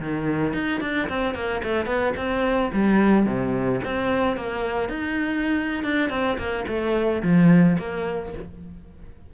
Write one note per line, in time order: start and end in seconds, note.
0.00 0.54 D#3
0.54 0.81 D#4
0.81 1.08 D4
1.09 1.35 C4
1.35 1.62 A#3
1.64 1.86 A3
1.86 2.13 B3
2.17 2.71 C4
2.73 3.26 G3
3.26 3.81 C3
3.85 4.37 C4
4.37 4.89 A#3
4.89 5.84 D#4
5.84 6.10 D4
6.10 6.37 C4
6.38 6.65 A#3
6.68 7.22 A3
7.23 7.78 F3
7.79 8.34 A#3